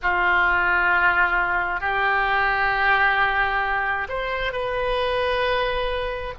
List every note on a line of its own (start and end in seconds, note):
0.02 1.80 F4
1.80 4.07 G4
4.08 4.52 C5
4.52 6.34 B4